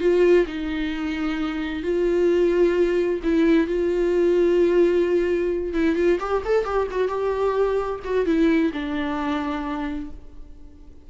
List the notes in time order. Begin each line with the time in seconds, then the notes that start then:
0.00 F4
0.47 D#4
1.83 F4
3.23 E4
3.67 F4
5.73 E4
5.95 F4
6.20 G4
6.45 A4
6.64 G4
6.91 F#4
7.08 G4
8.04 F#4
8.26 E4
8.73 D4